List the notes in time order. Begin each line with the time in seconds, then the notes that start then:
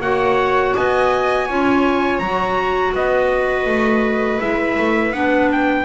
0.00 A#3 F#4 C#5 F#5
0.75 B3 D#5 G#5
1.46 C#4 F4 C#5
2.19 F#3 F#4 A#5
2.93 B3 B4 D#5
3.66 A3
4.40 G#3 E4 E5
4.77 A3
5.11 B3 D4 F#5
5.52 G5